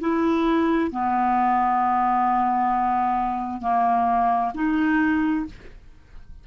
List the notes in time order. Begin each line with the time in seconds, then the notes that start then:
0.00 E4
0.91 B3
3.61 A#3
4.55 D#4